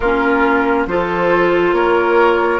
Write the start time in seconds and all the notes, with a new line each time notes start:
0.00 A#3 C#4 F4 A#4
0.86 F3 F4 A4 C5
1.72 A#3 A#4 C#5